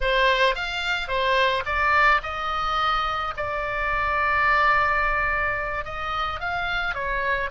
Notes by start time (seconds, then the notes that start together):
0.01 C5
0.55 F5
1.08 C5
1.65 D5
2.22 D#5
3.37 D5
5.84 D#5
6.40 F5
6.94 C#5